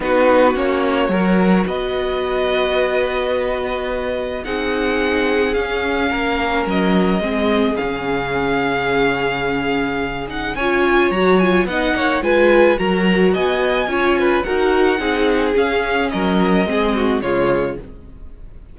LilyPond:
<<
  \new Staff \with { instrumentName = "violin" } { \time 4/4 \tempo 4 = 108 b'4 cis''2 dis''4~ | dis''1 | fis''2 f''2 | dis''2 f''2~ |
f''2~ f''8 fis''8 gis''4 | ais''8 gis''8 fis''4 gis''4 ais''4 | gis''2 fis''2 | f''4 dis''2 cis''4 | }
  \new Staff \with { instrumentName = "violin" } { \time 4/4 fis'2 ais'4 b'4~ | b'1 | gis'2. ais'4~ | ais'4 gis'2.~ |
gis'2. cis''4~ | cis''4 dis''8 cis''8 b'4 ais'4 | dis''4 cis''8 b'8 ais'4 gis'4~ | gis'4 ais'4 gis'8 fis'8 f'4 | }
  \new Staff \with { instrumentName = "viola" } { \time 4/4 dis'4 cis'4 fis'2~ | fis'1 | dis'2 cis'2~ | cis'4 c'4 cis'2~ |
cis'2~ cis'8 dis'8 f'4 | fis'8 f'8 dis'4 f'4 fis'4~ | fis'4 f'4 fis'4 dis'4 | cis'2 c'4 gis4 | }
  \new Staff \with { instrumentName = "cello" } { \time 4/4 b4 ais4 fis4 b4~ | b1 | c'2 cis'4 ais4 | fis4 gis4 cis2~ |
cis2. cis'4 | fis4 b8 ais8 gis4 fis4 | b4 cis'4 dis'4 c'4 | cis'4 fis4 gis4 cis4 | }
>>